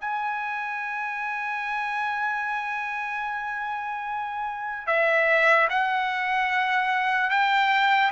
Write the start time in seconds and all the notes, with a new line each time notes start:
0.00 G#5
4.86 E5
5.69 F#5
7.30 G5